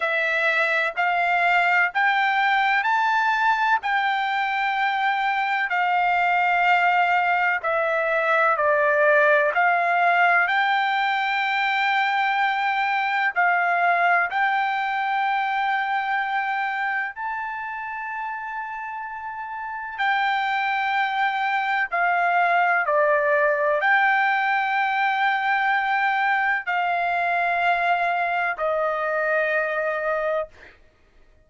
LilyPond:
\new Staff \with { instrumentName = "trumpet" } { \time 4/4 \tempo 4 = 63 e''4 f''4 g''4 a''4 | g''2 f''2 | e''4 d''4 f''4 g''4~ | g''2 f''4 g''4~ |
g''2 a''2~ | a''4 g''2 f''4 | d''4 g''2. | f''2 dis''2 | }